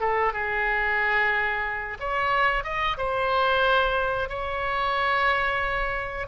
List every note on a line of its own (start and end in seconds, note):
0.00 0.33 A4
0.33 1.98 G#4
2.00 2.64 C#5
2.64 2.97 D#5
2.97 4.29 C5
4.29 6.27 C#5